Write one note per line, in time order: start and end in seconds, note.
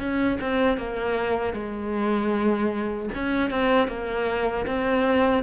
0.00 0.39 C#4
0.41 0.78 C4
0.78 1.54 A#3
1.54 3.10 G#3
3.15 3.51 C#4
3.51 3.88 C4
3.88 4.66 A#3
4.67 5.44 C4